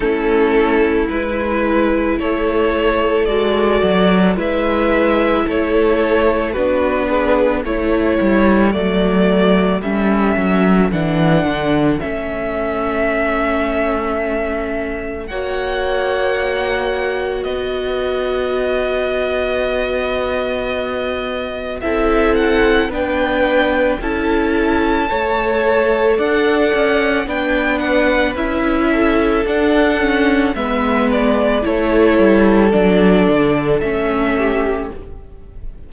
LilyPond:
<<
  \new Staff \with { instrumentName = "violin" } { \time 4/4 \tempo 4 = 55 a'4 b'4 cis''4 d''4 | e''4 cis''4 b'4 cis''4 | d''4 e''4 fis''4 e''4~ | e''2 fis''2 |
dis''1 | e''8 fis''8 g''4 a''2 | fis''4 g''8 fis''8 e''4 fis''4 | e''8 d''8 cis''4 d''4 e''4 | }
  \new Staff \with { instrumentName = "violin" } { \time 4/4 e'2 a'2 | b'4 a'4 fis'8 gis'8 a'4~ | a'1~ | a'2 cis''2 |
b'1 | a'4 b'4 a'4 cis''4 | d''4 b'4. a'4. | b'4 a'2~ a'8 g'8 | }
  \new Staff \with { instrumentName = "viola" } { \time 4/4 cis'4 e'2 fis'4 | e'2 d'4 e'4 | a4 cis'4 d'4 cis'4~ | cis'2 fis'2~ |
fis'1 | e'4 d'4 e'4 a'4~ | a'4 d'4 e'4 d'8 cis'8 | b4 e'4 d'4 cis'4 | }
  \new Staff \with { instrumentName = "cello" } { \time 4/4 a4 gis4 a4 gis8 fis8 | gis4 a4 b4 a8 g8 | fis4 g8 fis8 e8 d8 a4~ | a2 ais2 |
b1 | c'4 b4 cis'4 a4 | d'8 cis'8 b4 cis'4 d'4 | gis4 a8 g8 fis8 d8 a4 | }
>>